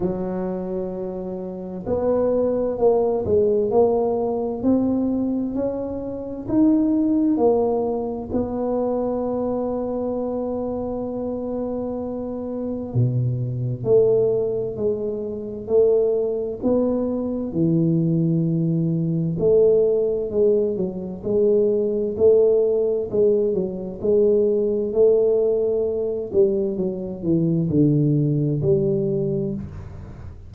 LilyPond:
\new Staff \with { instrumentName = "tuba" } { \time 4/4 \tempo 4 = 65 fis2 b4 ais8 gis8 | ais4 c'4 cis'4 dis'4 | ais4 b2.~ | b2 b,4 a4 |
gis4 a4 b4 e4~ | e4 a4 gis8 fis8 gis4 | a4 gis8 fis8 gis4 a4~ | a8 g8 fis8 e8 d4 g4 | }